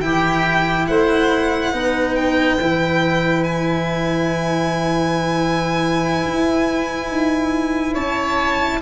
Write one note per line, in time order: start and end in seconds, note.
0.00 0.88 E3
0.00 1.72 E4
0.00 0.89 G4
0.00 0.86 G5
0.87 1.73 A3
0.87 1.73 C5
0.87 2.15 F#5
1.72 2.59 B3
1.72 2.58 D#4
1.72 7.93 B4
2.15 3.43 G5
2.60 6.24 E3
2.60 8.81 E4
3.43 7.93 G#5
6.24 7.10 E4
7.10 7.96 D#4
7.93 8.81 C#4
7.93 8.79 C#5
7.93 8.81 A5